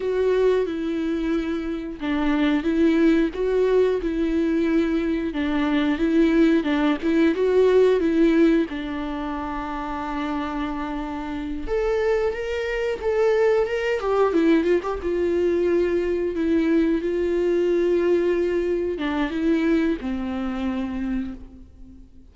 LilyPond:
\new Staff \with { instrumentName = "viola" } { \time 4/4 \tempo 4 = 90 fis'4 e'2 d'4 | e'4 fis'4 e'2 | d'4 e'4 d'8 e'8 fis'4 | e'4 d'2.~ |
d'4. a'4 ais'4 a'8~ | a'8 ais'8 g'8 e'8 f'16 g'16 f'4.~ | f'8 e'4 f'2~ f'8~ | f'8 d'8 e'4 c'2 | }